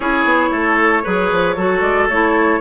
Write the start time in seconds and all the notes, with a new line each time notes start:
0.00 C#4 E4 G#4 C#5
0.24 B3
0.50 A3 A4
1.03 F#3 G#4 B4
1.31 F3
1.56 F#3 F#4 A4
1.81 G#3 D5
2.07 A3 E4 C#5